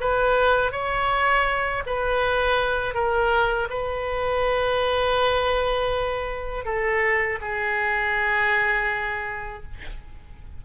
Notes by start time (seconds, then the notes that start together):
0.00 B4
0.72 C#5
1.86 B4
2.94 A#4
3.70 B4
6.65 A4
7.41 G#4